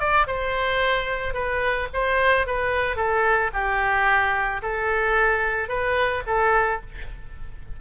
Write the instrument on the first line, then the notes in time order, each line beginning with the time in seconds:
oboe
0.00 D5
0.27 C5
1.34 B4
1.94 C5
2.47 B4
2.97 A4
3.54 G4
4.62 A4
5.69 B4
6.27 A4